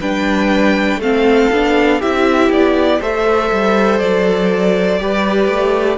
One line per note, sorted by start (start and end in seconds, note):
0.00 0.96 G3
0.00 1.01 D4
0.00 1.00 B4
0.00 1.00 G5
0.96 1.46 A3
0.96 2.00 A4
1.02 1.52 C4
1.02 2.01 F5
1.51 2.01 B3
1.51 2.02 D4
2.00 2.50 C4
2.00 3.02 E4
2.00 3.00 G4
2.00 2.51 E5
2.50 3.00 B3
2.50 3.02 D5
3.00 3.51 A3
3.00 4.99 A4
3.00 5.00 C5
3.00 3.99 E5
3.51 4.00 G3
3.99 4.99 F#3
3.99 5.98 D5
4.99 5.48 G3
4.99 5.98 G4
4.99 5.98 B4
5.48 5.98 A3